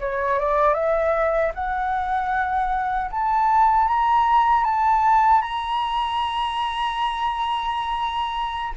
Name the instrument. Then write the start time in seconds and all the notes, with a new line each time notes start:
flute
0.00 C#5
0.39 D5
0.74 E5
1.54 F#5
3.11 A5
3.87 A#5
4.64 A5
5.42 A#5